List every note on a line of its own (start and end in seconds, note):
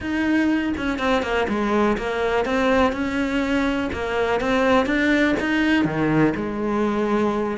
0.00 0.73 D#4
0.77 0.99 C#4
0.99 1.22 C4
1.22 1.47 A#3
1.48 1.97 G#3
1.97 2.45 A#3
2.45 2.92 C4
2.92 3.90 C#4
3.92 4.40 A#3
4.40 4.85 C4
4.85 5.34 D4
5.40 5.84 D#4
5.84 6.33 D#3
6.35 7.57 G#3